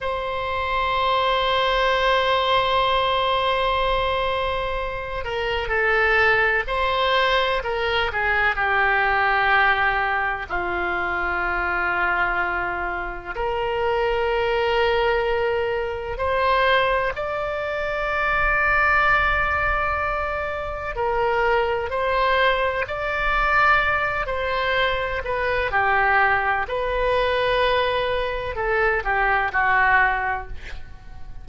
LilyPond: \new Staff \with { instrumentName = "oboe" } { \time 4/4 \tempo 4 = 63 c''1~ | c''4. ais'8 a'4 c''4 | ais'8 gis'8 g'2 f'4~ | f'2 ais'2~ |
ais'4 c''4 d''2~ | d''2 ais'4 c''4 | d''4. c''4 b'8 g'4 | b'2 a'8 g'8 fis'4 | }